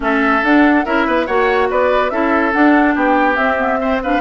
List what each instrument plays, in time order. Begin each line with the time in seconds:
0.00 bassoon A3, clarinet C#4, oboe A4, flute E5
0.42 bassoon D4, clarinet D4, flute F#5
0.85 bassoon C#4, clarinet E4, oboe A#4, flute E5
1.06 bassoon B3, oboe B4
1.26 bassoon A#3, clarinet F#4, oboe C#5, flute F#5
1.69 bassoon B3, oboe B4, flute D5
2.10 bassoon C#4, clarinet E4, oboe A4, flute E5
2.53 clarinet D4, bassoon D4, flute F#5
2.94 bassoon B3, oboe G4, flute G5
3.36 bassoon C4, clarinet C4, flute E5
3.58 clarinet B3
3.80 clarinet C4, oboe C5
4.03 clarinet D4, oboe B4, flute F5